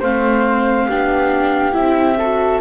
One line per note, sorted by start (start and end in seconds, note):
0.00 0.89 A3
0.00 0.89 C4
0.00 0.87 C5
0.00 1.74 F5
0.88 1.76 B3
0.88 1.72 D4
0.88 2.18 G4
1.72 2.61 C4
1.72 2.16 E4
1.72 2.61 E5
2.18 2.61 F#4
2.18 2.61 A4